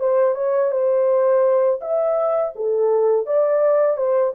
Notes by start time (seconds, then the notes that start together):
0.00 C5
0.35 C#5
0.72 C5
1.81 E5
2.56 A4
3.27 D5
3.97 C5